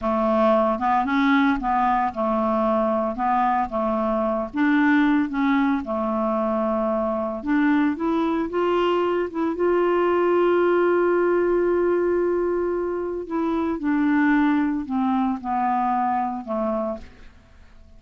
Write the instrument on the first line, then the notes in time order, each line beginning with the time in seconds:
clarinet
0.01 A3
0.79 B3
1.05 C#4
1.60 B3
2.14 A3
3.15 B3
3.69 A3
4.53 D4
5.29 C#4
5.84 A3
7.43 D4
7.96 E4
8.49 F4
9.30 E4
9.55 F4
13.26 E4
13.79 D4
14.85 C4
15.40 B3
16.44 A3